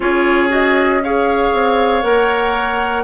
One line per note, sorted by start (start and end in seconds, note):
0.00 1.51 C#4
0.00 0.49 F4
0.00 1.02 G#4
0.00 0.49 C#5
0.49 1.00 F#4
0.49 1.03 D#5
1.03 2.02 G#4
1.03 3.03 C#5
1.03 2.02 F5
1.53 2.03 C4
2.02 3.03 A#3
2.02 3.03 A#4
2.02 3.03 F#5